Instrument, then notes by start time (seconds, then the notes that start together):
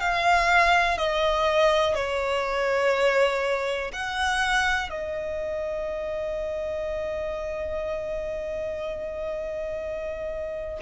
violin
0.00 F5
0.98 D#5
1.95 C#5
3.93 F#5
4.90 D#5